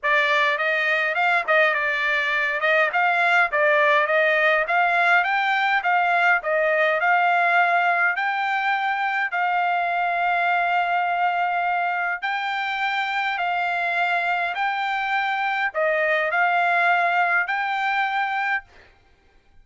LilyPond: \new Staff \with { instrumentName = "trumpet" } { \time 4/4 \tempo 4 = 103 d''4 dis''4 f''8 dis''8 d''4~ | d''8 dis''8 f''4 d''4 dis''4 | f''4 g''4 f''4 dis''4 | f''2 g''2 |
f''1~ | f''4 g''2 f''4~ | f''4 g''2 dis''4 | f''2 g''2 | }